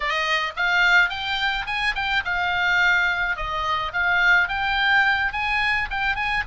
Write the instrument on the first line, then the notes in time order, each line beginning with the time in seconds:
oboe
0.00 D#5
0.56 F5
1.09 G5
1.66 G#5
1.95 G5
2.24 F5
3.36 D#5
3.92 F5
4.48 G5
5.32 G#5
5.90 G5
6.15 G#5